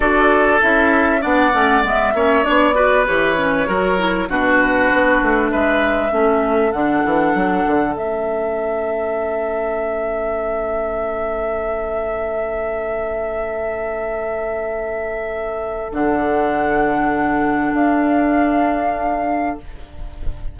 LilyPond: <<
  \new Staff \with { instrumentName = "flute" } { \time 4/4 \tempo 4 = 98 d''4 e''4 fis''4 e''4 | d''4 cis''2 b'4~ | b'4 e''2 fis''4~ | fis''4 e''2.~ |
e''1~ | e''1~ | e''2 fis''2~ | fis''4 f''2. | }
  \new Staff \with { instrumentName = "oboe" } { \time 4/4 a'2 d''4. cis''8~ | cis''8 b'4. ais'4 fis'4~ | fis'4 b'4 a'2~ | a'1~ |
a'1~ | a'1~ | a'1~ | a'1 | }
  \new Staff \with { instrumentName = "clarinet" } { \time 4/4 fis'4 e'4 d'8 cis'8 b8 cis'8 | d'8 fis'8 g'8 cis'8 fis'8 e'8 d'4~ | d'2 cis'4 d'4~ | d'4 cis'2.~ |
cis'1~ | cis'1~ | cis'2 d'2~ | d'1 | }
  \new Staff \with { instrumentName = "bassoon" } { \time 4/4 d'4 cis'4 b8 a8 gis8 ais8 | b4 e4 fis4 b,4 | b8 a8 gis4 a4 d8 e8 | fis8 d8 a2.~ |
a1~ | a1~ | a2 d2~ | d4 d'2. | }
>>